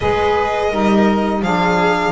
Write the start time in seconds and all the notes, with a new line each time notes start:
0.00 G#3 G#4 B4 D#5
0.68 G3 D#4 A#4
1.42 F3 D4 G#4 F5